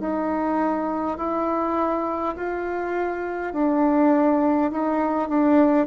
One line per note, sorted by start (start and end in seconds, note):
0.00 1.18 D#4
1.18 2.35 E4
2.36 3.53 F4
3.53 4.71 D4
4.71 5.29 D#4
5.29 5.87 D4